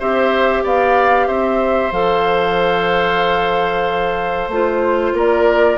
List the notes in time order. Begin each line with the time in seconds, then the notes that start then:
0.00 C4 G4 C5 E5
0.64 B3 D5 F5
1.27 C4 C5 E5
1.92 F3 A4 F5
4.49 A3 F4 C5
5.13 A#3 A#4 D5